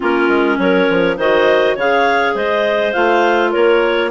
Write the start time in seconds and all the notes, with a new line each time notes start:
0.00 A#3 C#4 F4 A#4
0.28 G#3
0.58 F#3 A#4 C#5
0.89 F3
1.16 D#3 F#4 C5 D#5
1.75 C#3 G#4 C#5 F5
2.34 G#3 C5 D#5
2.93 A3 F4 F5
3.51 A#3 A#4 C#5